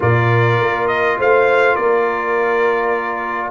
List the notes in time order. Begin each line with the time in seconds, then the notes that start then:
0.00 A#2 F4 A#4 D5
0.60 A#3
0.87 D#5
1.18 A3 C5 F5
1.75 A#3 A#4 D5